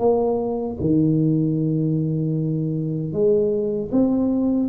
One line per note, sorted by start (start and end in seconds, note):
0.00 0.78 A#3
0.81 3.13 D#3
3.13 3.91 G#3
3.92 4.70 C4